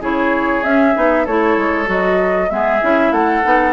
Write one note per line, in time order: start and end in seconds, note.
0.00 0.62 C#3
0.00 0.63 E4
0.00 1.24 G#4
0.00 0.63 C#5
0.63 0.94 C#4
0.63 0.95 C#4
0.63 1.26 E5
0.95 1.27 B3
0.95 1.26 D#4
1.24 1.57 A3
1.24 1.86 E4
1.24 2.49 A4
1.24 1.89 C#5
1.57 1.88 G#3
1.86 2.50 F#3
1.86 2.48 F#4
1.86 2.50 D#5
2.49 2.81 G#3
2.49 2.81 B3
2.49 3.13 G#4
2.49 3.12 E5
2.82 3.12 C#4
2.82 3.43 E4
3.12 3.43 A3
3.12 3.73 A4
3.12 3.73 F#5
3.43 3.73 B3
3.43 3.73 D#4